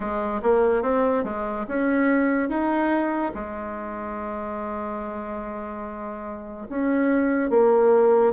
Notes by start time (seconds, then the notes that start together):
0.00 G#3
0.42 A#3
0.82 C4
1.24 G#3
1.68 C#4
2.48 D#4
3.34 G#3
6.69 C#4
7.50 A#3